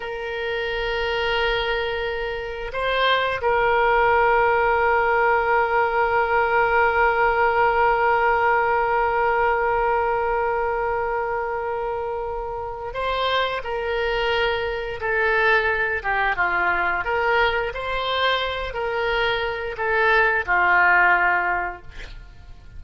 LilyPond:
\new Staff \with { instrumentName = "oboe" } { \time 4/4 \tempo 4 = 88 ais'1 | c''4 ais'2.~ | ais'1~ | ais'1~ |
ais'2. c''4 | ais'2 a'4. g'8 | f'4 ais'4 c''4. ais'8~ | ais'4 a'4 f'2 | }